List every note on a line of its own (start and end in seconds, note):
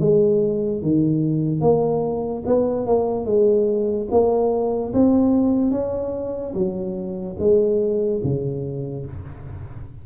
0.00 0.82 G#3
0.83 1.61 D#3
1.61 2.44 A#3
2.47 2.87 B3
2.87 3.26 A#3
3.26 4.08 G#3
4.11 4.94 A#3
4.94 5.72 C4
5.72 6.54 C#4
6.55 7.37 F#3
7.39 8.22 G#3
8.24 9.06 C#3